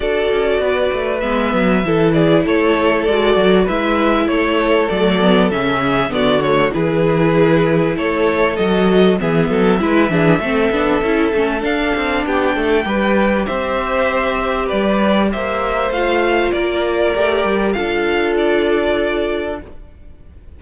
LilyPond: <<
  \new Staff \with { instrumentName = "violin" } { \time 4/4 \tempo 4 = 98 d''2 e''4. d''8 | cis''4 d''4 e''4 cis''4 | d''4 e''4 d''8 cis''8 b'4~ | b'4 cis''4 dis''4 e''4~ |
e''2. f''4 | g''2 e''2 | d''4 e''4 f''4 d''4~ | d''4 f''4 d''2 | }
  \new Staff \with { instrumentName = "violin" } { \time 4/4 a'4 b'2 a'8 gis'8 | a'2 b'4 a'4~ | a'4. gis'8 fis'4 gis'4~ | gis'4 a'2 gis'8 a'8 |
b'8 gis'8 a'2. | g'8 a'8 b'4 c''2 | b'4 c''2 ais'4~ | ais'4 a'2. | }
  \new Staff \with { instrumentName = "viola" } { \time 4/4 fis'2 b4 e'4~ | e'4 fis'4 e'2 | a8 b8 cis'4 b8 a8 e'4~ | e'2 fis'4 b4 |
e'8 d'8 c'8 d'8 e'8 cis'8 d'4~ | d'4 g'2.~ | g'2 f'2 | g'4 f'2. | }
  \new Staff \with { instrumentName = "cello" } { \time 4/4 d'8 cis'8 b8 a8 gis8 fis8 e4 | a4 gis8 fis8 gis4 a4 | fis4 cis4 d4 e4~ | e4 a4 fis4 e8 fis8 |
gis8 e8 a8 b8 cis'8 a8 d'8 c'8 | b8 a8 g4 c'2 | g4 ais4 a4 ais4 | a8 g8 d'2. | }
>>